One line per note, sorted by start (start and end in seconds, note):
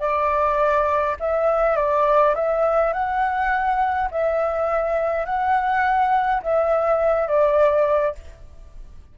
0.00 1.17 D5
1.20 1.77 E5
1.77 2.35 D5
2.35 2.93 E5
2.93 4.10 F#5
4.11 5.26 E5
5.26 6.42 F#5
6.43 7.28 E5
7.28 8.16 D5